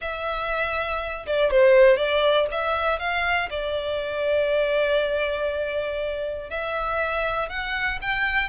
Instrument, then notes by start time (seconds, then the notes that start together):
violin
0.01 E5
1.26 D5
1.50 C5
1.97 D5
2.51 E5
2.99 F5
3.50 D5
6.50 E5
7.49 F#5
8.01 G5